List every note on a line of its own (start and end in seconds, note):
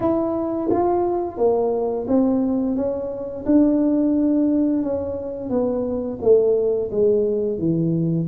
0.00 0.69 E4
0.70 1.37 F4
1.37 2.06 A#3
2.07 2.76 C4
2.76 3.45 C#4
3.45 4.82 D4
4.82 5.49 C#4
5.49 6.18 B3
6.21 6.90 A3
6.90 7.58 G#3
7.58 8.27 E3